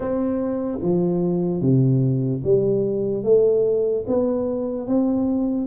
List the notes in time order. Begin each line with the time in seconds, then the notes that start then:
0.00 C4
0.82 F3
1.61 C3
2.44 G3
3.23 A3
4.07 B3
4.87 C4